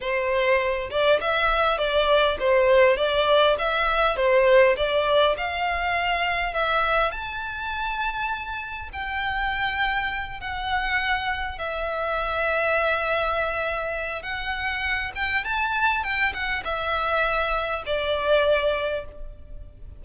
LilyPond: \new Staff \with { instrumentName = "violin" } { \time 4/4 \tempo 4 = 101 c''4. d''8 e''4 d''4 | c''4 d''4 e''4 c''4 | d''4 f''2 e''4 | a''2. g''4~ |
g''4. fis''2 e''8~ | e''1 | fis''4. g''8 a''4 g''8 fis''8 | e''2 d''2 | }